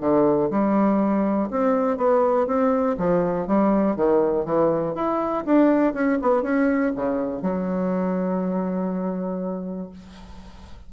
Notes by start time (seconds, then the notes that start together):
0.00 D3
0.50 G3
1.50 C4
1.97 B3
2.47 C4
2.98 F3
3.47 G3
3.96 D#3
4.45 E3
4.95 E4
5.45 D4
5.93 C#4
6.21 B3
6.42 C#4
6.95 C#3
7.42 F#3